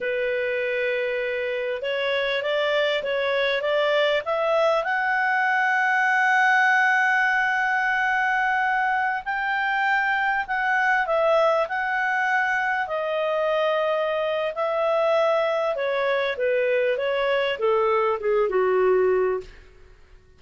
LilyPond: \new Staff \with { instrumentName = "clarinet" } { \time 4/4 \tempo 4 = 99 b'2. cis''4 | d''4 cis''4 d''4 e''4 | fis''1~ | fis''2.~ fis''16 g''8.~ |
g''4~ g''16 fis''4 e''4 fis''8.~ | fis''4~ fis''16 dis''2~ dis''8. | e''2 cis''4 b'4 | cis''4 a'4 gis'8 fis'4. | }